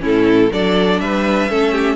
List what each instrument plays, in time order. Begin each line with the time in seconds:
0.00 cello A2, viola C#4, violin E4 A4
0.52 cello F#3, viola D4, violin A4 D5
1.00 cello G3, violin B4 E5
1.50 cello A3, viola C#4, violin A4
1.72 violin G4